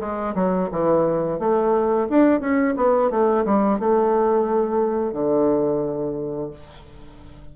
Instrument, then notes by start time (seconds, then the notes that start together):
bassoon
0.00 G#3
0.35 F#3
0.71 E3
1.39 A3
2.09 D4
2.40 C#4
2.76 B3
3.10 A3
3.45 G3
3.79 A3
5.13 D3